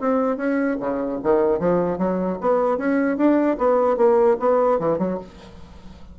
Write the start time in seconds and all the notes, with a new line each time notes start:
0.00 C4
0.37 C#4
0.80 C#3
1.23 D#3
1.59 F3
1.98 F#3
2.41 B3
2.77 C#4
3.17 D4
3.58 B3
3.97 A#3
4.40 B3
4.80 E3
4.98 F#3